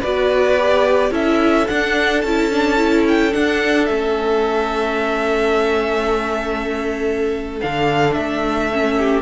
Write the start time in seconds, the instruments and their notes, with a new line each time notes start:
0.00 cello B3, viola F#4, violin B4 D5
0.58 viola G4
1.11 cello C#4, viola E4, violin A4 E5
1.68 viola D4, cello D4, violin F#5
2.21 cello C#4, viola E4, violin A5
2.51 viola D4
2.76 viola E4
3.08 violin G5
3.31 viola D4, cello D4, violin F#5
3.85 cello A3, viola C#4, violin E5
7.61 cello D3, viola D4, violin F5
8.13 cello A3, violin E5
8.72 viola C#4
8.98 violin G4